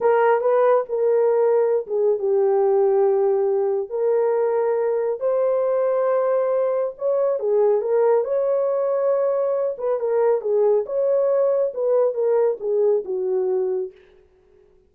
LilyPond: \new Staff \with { instrumentName = "horn" } { \time 4/4 \tempo 4 = 138 ais'4 b'4 ais'2~ | ais'16 gis'8. g'2.~ | g'4 ais'2. | c''1 |
cis''4 gis'4 ais'4 cis''4~ | cis''2~ cis''8 b'8 ais'4 | gis'4 cis''2 b'4 | ais'4 gis'4 fis'2 | }